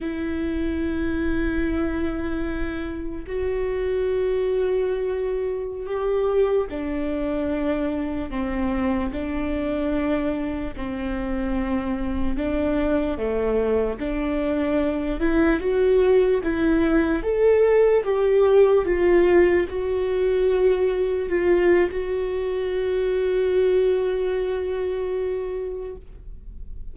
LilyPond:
\new Staff \with { instrumentName = "viola" } { \time 4/4 \tempo 4 = 74 e'1 | fis'2.~ fis'16 g'8.~ | g'16 d'2 c'4 d'8.~ | d'4~ d'16 c'2 d'8.~ |
d'16 a4 d'4. e'8 fis'8.~ | fis'16 e'4 a'4 g'4 f'8.~ | f'16 fis'2 f'8. fis'4~ | fis'1 | }